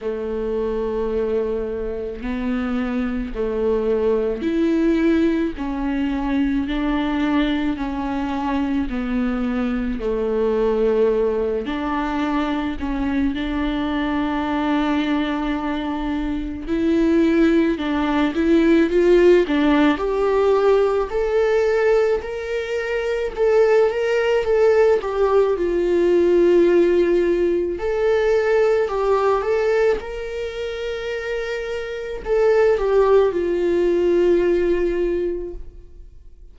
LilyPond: \new Staff \with { instrumentName = "viola" } { \time 4/4 \tempo 4 = 54 a2 b4 a4 | e'4 cis'4 d'4 cis'4 | b4 a4. d'4 cis'8 | d'2. e'4 |
d'8 e'8 f'8 d'8 g'4 a'4 | ais'4 a'8 ais'8 a'8 g'8 f'4~ | f'4 a'4 g'8 a'8 ais'4~ | ais'4 a'8 g'8 f'2 | }